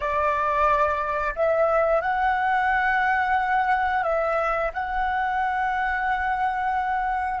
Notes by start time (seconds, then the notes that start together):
0.00 D5
1.35 E5
2.01 F#5
4.03 E5
4.73 F#5